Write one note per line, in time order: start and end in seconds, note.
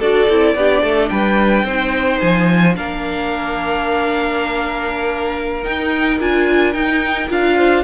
0.00 0.28 D4
0.00 0.30 F#4
0.00 0.55 A4
0.00 1.09 D5
0.29 0.55 C4
0.29 0.58 E4
0.55 0.83 B3
0.55 1.68 D4
0.55 0.83 G4
0.83 1.10 A3
0.83 1.10 A4
1.09 1.64 G3
1.09 1.66 B4
1.09 2.19 G5
1.64 2.19 C4
1.64 2.75 D#4
1.64 2.76 C5
2.20 2.77 F3
2.20 2.75 G#5
2.75 5.66 A#3
2.75 5.64 D4
2.75 7.57 A#4
2.75 5.64 F5
5.64 6.19 D#4
5.64 6.20 D#4
5.64 6.19 G5
6.20 6.75 D4
6.20 6.74 F4
6.20 6.73 G#5
6.73 7.29 D#4
6.73 7.30 D#4
6.73 7.28 G5
7.29 7.85 D4
7.29 7.84 F4
7.29 7.85 F5
7.57 7.85 C5